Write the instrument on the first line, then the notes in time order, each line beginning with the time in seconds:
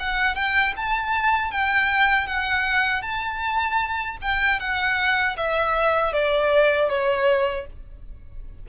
violin
0.00 F#5
0.36 G5
0.77 A5
1.52 G5
2.27 F#5
3.02 A5
4.22 G5
4.60 F#5
5.37 E5
6.13 D5
6.90 C#5